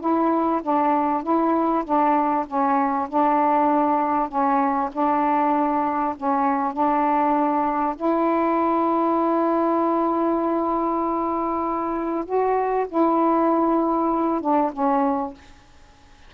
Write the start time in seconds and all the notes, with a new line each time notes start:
0.00 E4
0.62 D4
1.23 E4
1.85 D4
2.47 C#4
3.09 D4
4.29 C#4
4.93 D4
6.17 C#4
6.73 D4
7.96 E4
12.25 F#4
12.88 E4
14.41 D4
14.72 C#4